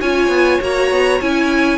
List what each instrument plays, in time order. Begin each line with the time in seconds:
0.00 cello C#4, viola F4, violin C#5 G#5
0.29 cello B3
0.61 cello A#3, viola F#4, violin A#5
0.91 cello B3
1.21 cello C#4, viola E4, violin G#5